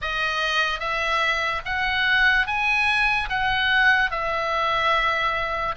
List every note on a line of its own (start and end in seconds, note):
0.01 0.79 D#5
0.79 1.61 E5
1.65 2.47 F#5
2.47 3.29 G#5
3.29 4.10 F#5
4.10 5.75 E5